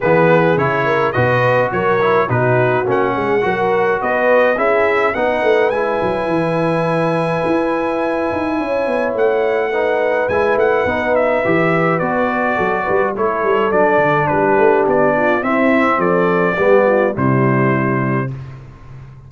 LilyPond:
<<
  \new Staff \with { instrumentName = "trumpet" } { \time 4/4 \tempo 4 = 105 b'4 cis''4 dis''4 cis''4 | b'4 fis''2 dis''4 | e''4 fis''4 gis''2~ | gis''1 |
fis''2 gis''8 fis''4 e''8~ | e''4 d''2 cis''4 | d''4 b'4 d''4 e''4 | d''2 c''2 | }
  \new Staff \with { instrumentName = "horn" } { \time 4/4 gis'4. ais'8 b'4 ais'4 | fis'4. gis'8 ais'4 b'4 | gis'4 b'2.~ | b'2. cis''4~ |
cis''4 b'2.~ | b'2 a'8 b'8 a'4~ | a'4 g'4. f'8 e'4 | a'4 g'8 f'8 e'2 | }
  \new Staff \with { instrumentName = "trombone" } { \time 4/4 b4 e'4 fis'4. e'8 | dis'4 cis'4 fis'2 | e'4 dis'4 e'2~ | e'1~ |
e'4 dis'4 e'4 dis'4 | g'4 fis'2 e'4 | d'2. c'4~ | c'4 b4 g2 | }
  \new Staff \with { instrumentName = "tuba" } { \time 4/4 e4 cis4 b,4 fis4 | b,4 ais8 gis8 fis4 b4 | cis'4 b8 a8 gis8 fis8 e4~ | e4 e'4. dis'8 cis'8 b8 |
a2 gis8 a8 b4 | e4 b4 fis8 g8 a8 g8 | fis8 d8 g8 a8 b4 c'4 | f4 g4 c2 | }
>>